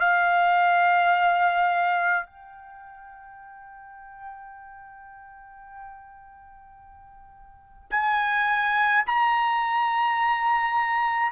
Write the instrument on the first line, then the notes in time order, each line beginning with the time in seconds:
trumpet
0.00 F5
2.26 G5
7.91 G#5
9.07 A#5